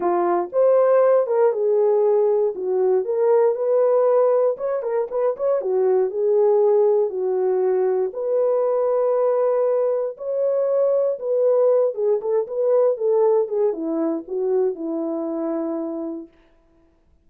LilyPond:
\new Staff \with { instrumentName = "horn" } { \time 4/4 \tempo 4 = 118 f'4 c''4. ais'8 gis'4~ | gis'4 fis'4 ais'4 b'4~ | b'4 cis''8 ais'8 b'8 cis''8 fis'4 | gis'2 fis'2 |
b'1 | cis''2 b'4. gis'8 | a'8 b'4 a'4 gis'8 e'4 | fis'4 e'2. | }